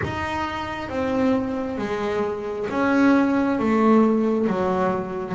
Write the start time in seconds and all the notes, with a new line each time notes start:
0.04 D#4
0.89 C4
1.77 G#3
2.69 C#4
3.59 A3
4.47 F#3